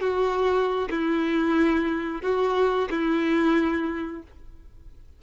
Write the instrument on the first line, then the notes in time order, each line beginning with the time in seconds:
violin
0.00 F#4
0.90 E4
2.22 F#4
2.90 E4